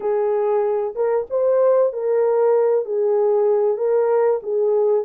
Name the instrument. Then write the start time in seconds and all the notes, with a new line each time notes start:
horn
0.00 G#4
0.95 A#4
1.29 C5
1.92 A#4
2.85 G#4
3.77 A#4
4.42 G#4